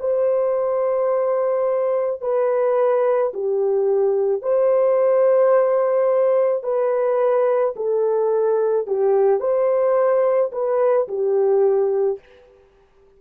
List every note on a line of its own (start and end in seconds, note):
0.00 2.22 C5
2.22 3.33 B4
3.34 4.42 G4
4.42 6.64 C5
6.64 7.75 B4
7.76 8.87 A4
8.87 9.40 G4
9.40 10.52 C5
10.52 11.08 B4
11.08 12.19 G4